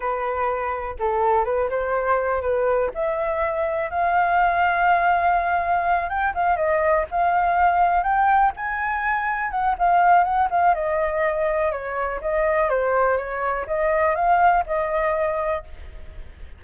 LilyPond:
\new Staff \with { instrumentName = "flute" } { \time 4/4 \tempo 4 = 123 b'2 a'4 b'8 c''8~ | c''4 b'4 e''2 | f''1~ | f''8 g''8 f''8 dis''4 f''4.~ |
f''8 g''4 gis''2 fis''8 | f''4 fis''8 f''8 dis''2 | cis''4 dis''4 c''4 cis''4 | dis''4 f''4 dis''2 | }